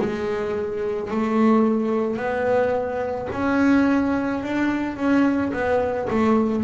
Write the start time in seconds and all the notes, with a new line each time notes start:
0.00 G#3
1.11 A3
2.17 B3
3.33 C#4
4.43 D4
4.96 C#4
5.53 B3
6.10 A3